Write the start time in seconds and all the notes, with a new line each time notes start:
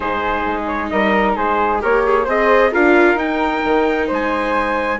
0.00 G#2 D#4 G#4 C5
0.46 G#3
0.66 C#5
0.90 G3 A#4 D#5
1.36 G#3 G#4 C5
1.79 A#3 G4 A#4 C#5
2.05 G#4
2.24 C4 G#4 C5 D#5
2.72 D4 F4 A#4 F5
3.14 D#4 G5
3.64 D#3
4.07 G#3 C5
4.13 G#5